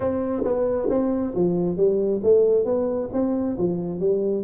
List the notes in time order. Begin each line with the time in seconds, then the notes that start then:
0.00 C4
0.44 B3
0.89 C4
1.35 F3
1.76 G3
2.23 A3
2.64 B3
3.12 C4
3.58 F3
3.99 G3